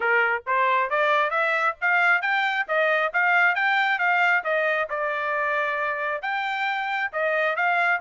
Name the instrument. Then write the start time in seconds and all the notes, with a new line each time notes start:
trumpet
0.00 A#4
0.46 C5
0.90 D5
1.30 E5
1.81 F5
2.21 G5
2.67 D#5
3.13 F5
3.55 G5
3.99 F5
4.44 D#5
4.89 D5
6.22 G5
7.12 D#5
7.56 F5